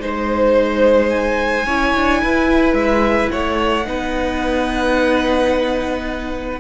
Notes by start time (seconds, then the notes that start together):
0.00 G#3 D#4 C5
1.10 G#5
1.66 C#4 E4 C#5
1.96 D4
2.23 E4 B4
2.74 G#3 E5
3.32 A3 C#5 F#5
3.85 B3 D#4 B4